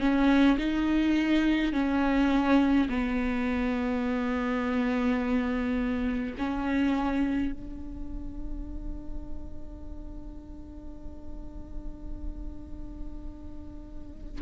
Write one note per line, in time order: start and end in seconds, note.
0.00 0.58 C#4
0.59 1.73 D#4
1.73 2.88 C#4
2.90 6.36 B3
6.39 7.53 C#4
7.53 14.42 D4